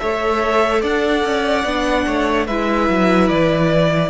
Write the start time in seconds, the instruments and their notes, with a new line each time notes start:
0.00 cello A3, viola A4, violin C#5 E5
0.82 cello D4, violin D5 F#5
1.24 cello C#4
1.65 cello B3, viola D4
2.07 cello A3, violin C#5
2.47 cello G#3, viola E4, violin B4 E5
2.89 cello F#3
3.29 cello E3, violin D5